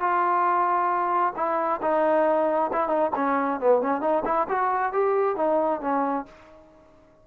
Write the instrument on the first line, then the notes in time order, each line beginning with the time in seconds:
trombone
0.00 F4
1.36 E4
1.82 D#4
2.73 E4
2.88 D#4
3.16 C#4
3.60 B3
3.81 C#4
4.01 D#4
4.25 E4
4.49 F#4
4.92 G4
5.36 D#4
5.81 C#4